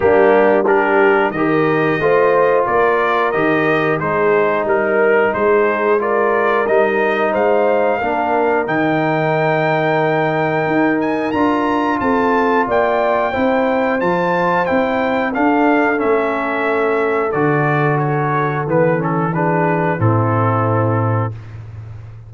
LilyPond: <<
  \new Staff \with { instrumentName = "trumpet" } { \time 4/4 \tempo 4 = 90 g'4 ais'4 dis''2 | d''4 dis''4 c''4 ais'4 | c''4 d''4 dis''4 f''4~ | f''4 g''2.~ |
g''8 gis''8 ais''4 a''4 g''4~ | g''4 a''4 g''4 f''4 | e''2 d''4 cis''4 | b'8 a'8 b'4 a'2 | }
  \new Staff \with { instrumentName = "horn" } { \time 4/4 d'4 g'4 ais'4 c''4 | ais'2 gis'4 ais'4 | gis'4 ais'2 c''4 | ais'1~ |
ais'2 a'4 d''4 | c''2. a'4~ | a'1~ | a'4 gis'4 e'2 | }
  \new Staff \with { instrumentName = "trombone" } { \time 4/4 ais4 d'4 g'4 f'4~ | f'4 g'4 dis'2~ | dis'4 f'4 dis'2 | d'4 dis'2.~ |
dis'4 f'2. | e'4 f'4 e'4 d'4 | cis'2 fis'2 | b8 cis'8 d'4 c'2 | }
  \new Staff \with { instrumentName = "tuba" } { \time 4/4 g2 dis4 a4 | ais4 dis4 gis4 g4 | gis2 g4 gis4 | ais4 dis2. |
dis'4 d'4 c'4 ais4 | c'4 f4 c'4 d'4 | a2 d2 | e2 a,2 | }
>>